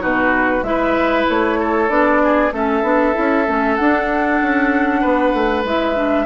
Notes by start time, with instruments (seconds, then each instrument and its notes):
0.00 bassoon B2, clarinet D#4, oboe F#4, flute B4
0.62 bassoon G#3, clarinet E4, oboe B4, flute E5
1.29 bassoon A3, flute C#5
1.60 oboe A4
1.89 bassoon B3, clarinet D4, flute D5
2.23 oboe G#4
2.52 bassoon A3, clarinet C#4, oboe A4, flute E5
2.82 bassoon B3, clarinet D4
3.13 bassoon C#4, clarinet E4
3.48 bassoon A3, clarinet C#4
3.76 clarinet D4, bassoon D4, flute F#5
4.42 bassoon C#4
5.01 bassoon B3, oboe B4
5.33 bassoon A3
5.64 bassoon G#3, clarinet E4, flute E5
5.95 clarinet D4